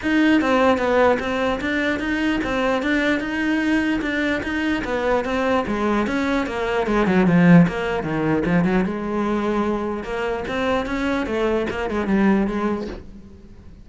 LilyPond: \new Staff \with { instrumentName = "cello" } { \time 4/4 \tempo 4 = 149 dis'4 c'4 b4 c'4 | d'4 dis'4 c'4 d'4 | dis'2 d'4 dis'4 | b4 c'4 gis4 cis'4 |
ais4 gis8 fis8 f4 ais4 | dis4 f8 fis8 gis2~ | gis4 ais4 c'4 cis'4 | a4 ais8 gis8 g4 gis4 | }